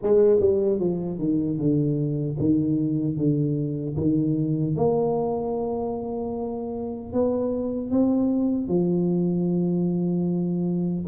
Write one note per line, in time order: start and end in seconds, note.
0.02 0.39 G#3
0.39 0.79 G3
0.79 1.18 F3
1.18 1.58 D#3
1.58 2.36 D3
2.39 3.17 D#3
3.17 3.96 D3
3.97 4.75 D#3
4.75 7.12 A#3
7.12 7.91 B3
7.91 8.68 C4
8.68 11.05 F3